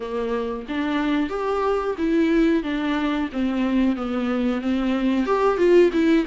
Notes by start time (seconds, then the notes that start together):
0.00 A#3
0.68 D4
1.29 G4
1.98 E4
2.63 D4
3.32 C4
3.96 B3
4.61 C4
5.26 G4
5.57 F4
5.92 E4